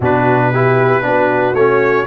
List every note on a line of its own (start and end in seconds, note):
0.00 1.01 B2
0.00 0.53 D4
0.00 0.50 F#4
0.00 1.54 B4
0.51 1.02 E4
0.51 1.03 G4
1.02 1.53 B3
1.02 1.54 D4
1.02 2.07 F#4
1.53 2.05 A3
1.53 2.07 C#4
1.53 2.06 C#5